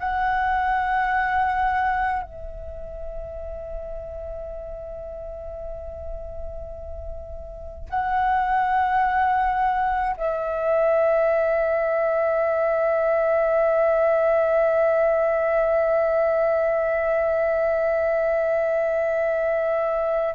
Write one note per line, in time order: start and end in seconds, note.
0.00 2.23 F#5
2.23 7.89 E5
7.90 10.16 F#5
10.17 20.35 E5